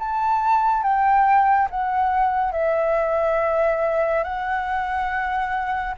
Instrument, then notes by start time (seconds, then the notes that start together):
flute
0.00 A5
0.83 G5
1.71 F#5
2.53 E5
4.24 F#5